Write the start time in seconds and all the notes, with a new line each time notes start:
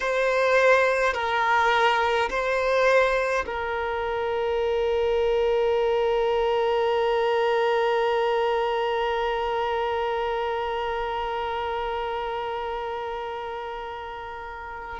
0.00 C5
1.13 A#4
2.30 C5
3.46 A#4